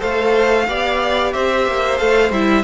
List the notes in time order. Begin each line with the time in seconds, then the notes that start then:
0.00 A3 A4 C5 F5
0.68 B3 G4 D5
1.33 C4 C5 E5
1.68 A#3
1.97 A3 A4 F5
2.31 G3 E4 E5